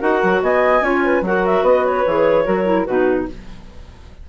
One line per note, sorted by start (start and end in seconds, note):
0.00 0.22 D#4
0.00 0.82 F#4
0.00 0.41 A#4
0.00 0.42 F#5
0.23 0.42 F#3
0.42 0.81 B3
0.42 0.84 D#5
0.42 1.24 G#5
0.81 1.21 C#4
0.81 1.22 F4
0.81 1.04 C#5
1.05 1.25 B4
1.21 1.62 F#3
1.21 2.07 F#4
1.21 1.62 A#4
1.21 1.46 F#5
1.46 1.64 E5
1.62 2.03 B3
1.62 2.44 B4
1.62 1.85 D#5
1.85 2.85 C#5
2.06 2.47 E3
2.06 2.45 G#4
2.45 2.87 F#3
2.45 2.65 F#4
2.45 2.86 A#4
2.65 2.86 E4
2.85 3.28 B2
2.85 3.29 D#4
2.85 3.27 F#4
2.85 3.26 B4